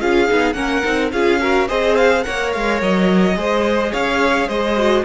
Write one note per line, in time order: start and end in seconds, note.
0.00 0.29 C#4
0.00 0.28 F4
0.00 0.56 G#4
0.00 0.53 F5
0.28 0.54 B3
0.28 0.54 D#4
0.53 0.82 A#3
0.53 0.82 C#4
0.53 1.12 A#4
0.53 1.09 F#5
0.83 1.12 C4
0.83 1.11 D#4
1.12 1.69 C#4
1.12 1.40 F4
1.12 1.41 G#4
1.12 1.68 F5
1.40 1.68 F#4
1.40 1.68 A#4
1.68 2.26 C4
1.68 2.23 G#4
1.68 2.24 C5
1.68 1.96 D#5
1.96 2.23 F5
2.23 2.55 A#3
2.23 3.35 A#4
2.23 3.37 C#5
2.23 2.51 F#5
2.53 2.82 G#3
2.53 2.81 F5
2.82 3.36 F#3
2.82 3.93 D#5
3.36 3.92 G#3
3.36 4.76 G#4
3.36 3.92 C5
3.92 4.48 C#4
3.92 4.48 C#5
3.92 4.48 F5
4.48 5.04 G#3
4.48 5.04 C5
4.48 5.05 D#5
4.76 5.04 F#4